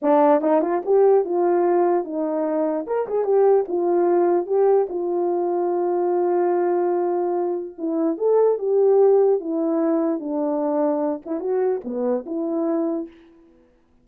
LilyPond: \new Staff \with { instrumentName = "horn" } { \time 4/4 \tempo 4 = 147 d'4 dis'8 f'8 g'4 f'4~ | f'4 dis'2 ais'8 gis'8 | g'4 f'2 g'4 | f'1~ |
f'2. e'4 | a'4 g'2 e'4~ | e'4 d'2~ d'8 e'8 | fis'4 b4 e'2 | }